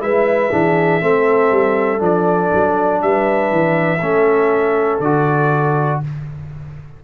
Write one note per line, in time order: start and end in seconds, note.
0.00 0.51 G#3
0.00 0.50 E4
0.00 0.53 B4
0.00 2.02 E5
0.52 1.02 E3
0.52 1.01 D4
0.52 1.03 G#4
1.01 1.51 A3
1.01 1.99 C4
1.01 3.04 A4
1.51 2.01 G3
1.99 2.51 F3
1.99 3.99 D4
1.99 3.02 D5
2.54 3.02 F#3
3.02 3.52 G3
3.02 4.00 B4
3.02 5.01 E5
3.52 4.02 E3
4.00 5.00 A3
4.00 5.02 C#4
4.00 6.00 A4
5.00 6.00 D3
5.00 6.04 F#4
5.00 6.01 D5